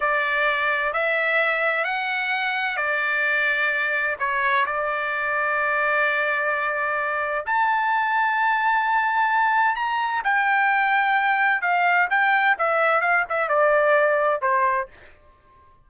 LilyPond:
\new Staff \with { instrumentName = "trumpet" } { \time 4/4 \tempo 4 = 129 d''2 e''2 | fis''2 d''2~ | d''4 cis''4 d''2~ | d''1 |
a''1~ | a''4 ais''4 g''2~ | g''4 f''4 g''4 e''4 | f''8 e''8 d''2 c''4 | }